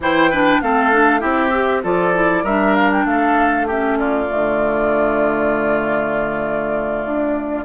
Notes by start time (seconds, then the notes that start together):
0.00 E3 E4 C5 G5
0.30 D4 B4
0.61 A3 C4 A4 F5
0.92 D4
1.19 C4 E4 G4 E5
1.53 G4
1.83 F3 F4 A4 D5
2.13 E4
2.43 G3 D4 A#4 E5
2.75 F5
2.92 G5
3.05 A3 A4 F5
3.66 C#4 G4 E5
3.99 F4 D5
4.28 D3 A3
7.05 D4